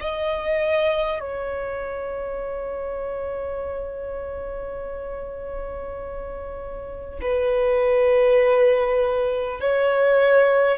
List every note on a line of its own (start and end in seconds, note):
0.00 1.20 D#5
1.20 7.20 C#5
7.21 9.60 B4
9.60 10.77 C#5